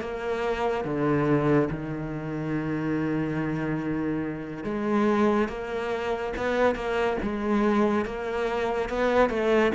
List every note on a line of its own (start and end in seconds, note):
0.00 0.84 A#3
0.84 1.69 D3
1.70 4.64 D#3
4.64 5.48 G#3
5.48 6.33 A#3
6.37 6.75 B3
6.75 7.17 A#3
7.22 8.05 G#3
8.05 8.89 A#3
8.89 9.29 B3
9.29 9.71 A3